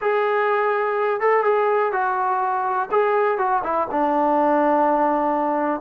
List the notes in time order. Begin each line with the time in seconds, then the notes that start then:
0.01 G#4
1.20 A4
1.44 G#4
1.92 F#4
2.91 G#4
3.38 F#4
3.63 E4
3.91 D4